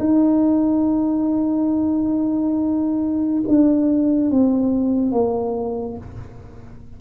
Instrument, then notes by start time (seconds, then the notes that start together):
tuba
0.00 D#4
3.48 D4
4.31 C4
5.12 A#3